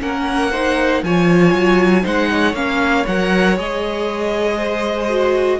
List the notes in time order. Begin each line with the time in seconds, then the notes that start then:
0.00 A#3 C#4 A#4 F#5
0.51 D#4 C5
1.03 F3 F4 C#5 G#5
1.53 F#3
2.03 G#3 D#4 C5 F#5
2.30 C#5
2.54 A#3 C#4 F5
3.07 F#3 A#4 F#5
3.56 G#3 G#4 D#5
4.57 C5
5.09 F#4